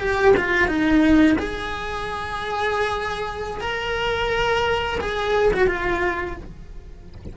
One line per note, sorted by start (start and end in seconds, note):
0.00 0.34 G4
0.37 0.68 F4
0.68 1.37 D#4
1.39 3.61 G#4
3.61 4.99 A#4
5.01 5.52 G#4
5.54 5.68 F#4
5.68 6.37 F4